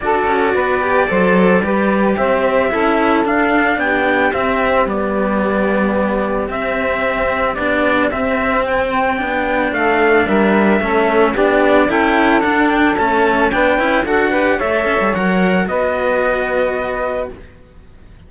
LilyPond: <<
  \new Staff \with { instrumentName = "trumpet" } { \time 4/4 \tempo 4 = 111 d''1 | e''2 f''4 g''4 | e''4 d''2. | e''2 d''4 e''4 |
g''2 f''4 e''4~ | e''4 d''4 g''4 fis''8 g''8 | a''4 g''4 fis''4 e''4 | fis''4 dis''2. | }
  \new Staff \with { instrumentName = "saxophone" } { \time 4/4 a'4 b'4 c''4 b'4 | c''4 a'2 g'4~ | g'1~ | g'1~ |
g'2 a'4 ais'4 | a'4 g'4 a'2~ | a'4 b'4 a'8 b'8 cis''4~ | cis''4 b'2. | }
  \new Staff \with { instrumentName = "cello" } { \time 4/4 fis'4. g'8 a'4 g'4~ | g'4 e'4 d'2 | c'4 b2. | c'2 d'4 c'4~ |
c'4 d'2. | cis'4 d'4 e'4 d'4 | cis'4 d'8 e'8 fis'8 g'8 a'4 | ais'4 fis'2. | }
  \new Staff \with { instrumentName = "cello" } { \time 4/4 d'8 cis'8 b4 fis4 g4 | c'4 cis'4 d'4 b4 | c'4 g2. | c'2 b4 c'4~ |
c'4 b4 a4 g4 | a4 b4 cis'4 d'4 | a4 b8 cis'8 d'4 a8 cis'16 g16 | fis4 b2. | }
>>